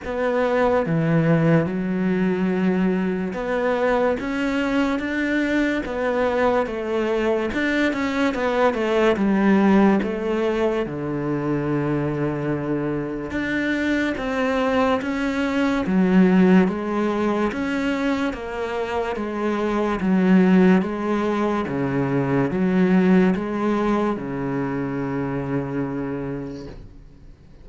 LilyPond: \new Staff \with { instrumentName = "cello" } { \time 4/4 \tempo 4 = 72 b4 e4 fis2 | b4 cis'4 d'4 b4 | a4 d'8 cis'8 b8 a8 g4 | a4 d2. |
d'4 c'4 cis'4 fis4 | gis4 cis'4 ais4 gis4 | fis4 gis4 cis4 fis4 | gis4 cis2. | }